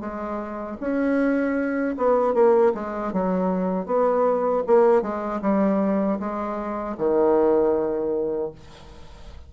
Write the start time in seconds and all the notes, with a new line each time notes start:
0.00 G#3
0.80 C#4
1.97 B3
2.34 A#3
2.74 G#3
3.13 F#3
3.86 B3
4.67 A#3
5.02 G#3
5.42 G3
6.20 G#3
6.98 D#3